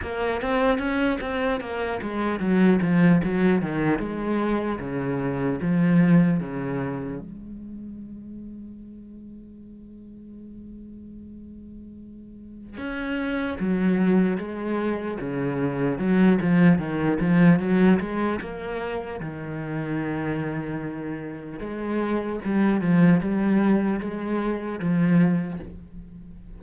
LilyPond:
\new Staff \with { instrumentName = "cello" } { \time 4/4 \tempo 4 = 75 ais8 c'8 cis'8 c'8 ais8 gis8 fis8 f8 | fis8 dis8 gis4 cis4 f4 | cis4 gis2.~ | gis1 |
cis'4 fis4 gis4 cis4 | fis8 f8 dis8 f8 fis8 gis8 ais4 | dis2. gis4 | g8 f8 g4 gis4 f4 | }